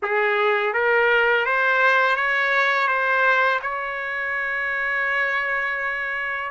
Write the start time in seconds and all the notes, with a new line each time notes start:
0.02 G#4
0.73 A#4
1.45 C5
2.16 C#5
2.87 C5
3.62 C#5